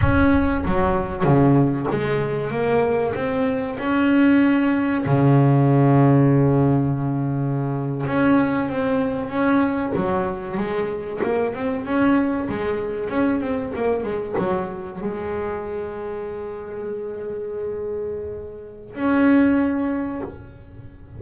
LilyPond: \new Staff \with { instrumentName = "double bass" } { \time 4/4 \tempo 4 = 95 cis'4 fis4 cis4 gis4 | ais4 c'4 cis'2 | cis1~ | cis8. cis'4 c'4 cis'4 fis16~ |
fis8. gis4 ais8 c'8 cis'4 gis16~ | gis8. cis'8 c'8 ais8 gis8 fis4 gis16~ | gis1~ | gis2 cis'2 | }